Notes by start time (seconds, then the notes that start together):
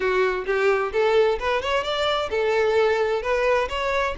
0.00 F#4
0.46 G4
0.92 A4
1.39 B4
1.62 C#5
1.83 D5
2.30 A4
3.22 B4
3.68 C#5